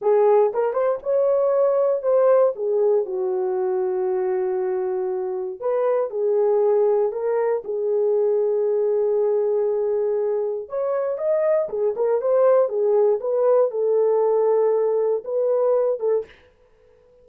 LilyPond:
\new Staff \with { instrumentName = "horn" } { \time 4/4 \tempo 4 = 118 gis'4 ais'8 c''8 cis''2 | c''4 gis'4 fis'2~ | fis'2. b'4 | gis'2 ais'4 gis'4~ |
gis'1~ | gis'4 cis''4 dis''4 gis'8 ais'8 | c''4 gis'4 b'4 a'4~ | a'2 b'4. a'8 | }